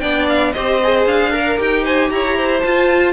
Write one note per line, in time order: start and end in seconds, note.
0.00 0.55 B3
0.00 0.55 D4
0.00 0.53 D5
0.00 0.26 G5
0.29 0.53 F5
0.53 1.06 C4
0.53 0.82 G4
0.53 1.32 C5
0.53 1.05 D#5
0.83 1.33 G#4
1.06 1.58 D4
1.06 1.60 F5
1.33 1.57 A#4
1.33 1.83 A#4
1.57 2.11 D#4
1.57 2.62 G4
1.57 1.85 G5
1.83 2.10 C5
1.83 2.11 G#5
2.11 2.64 E4
2.11 2.37 C#5
2.11 2.60 A#5
2.37 3.13 C5
2.60 3.13 F4
2.60 3.12 A5